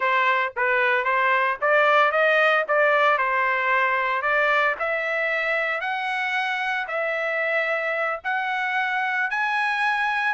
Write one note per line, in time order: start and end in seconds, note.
0.00 0.53 C5
0.56 1.04 B4
1.04 1.57 C5
1.61 2.11 D5
2.11 2.64 D#5
2.67 3.17 D5
3.17 4.22 C5
4.22 4.75 D5
4.79 5.80 E5
5.80 6.86 F#5
6.87 8.20 E5
8.24 9.30 F#5
9.30 10.34 G#5